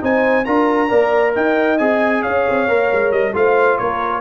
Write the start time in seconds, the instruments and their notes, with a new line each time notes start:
0.00 tuba C4, trombone D#4, horn C5, trumpet G#5
0.44 tuba D4, trombone F4, horn A#4, trumpet A#5
0.88 tuba A#3, trombone A#4, horn D5
1.35 tuba D#4, horn D#5, trumpet G5
1.78 tuba C4, trombone G#4, trumpet G#5
2.21 tuba C#4, horn C#5, trumpet F5
2.49 tuba C4
2.68 tuba A#3, trombone A#4
2.91 tuba G#3
3.11 tuba G3, trumpet D#5
3.33 tuba A3, trombone F4, horn C5, trumpet F5
3.77 tuba A#3, horn A#4, trumpet C#5